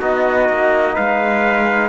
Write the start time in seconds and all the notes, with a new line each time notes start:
0.00 B3 D#4 F#4 D#5
0.49 A#3
0.94 G#3 B4 F5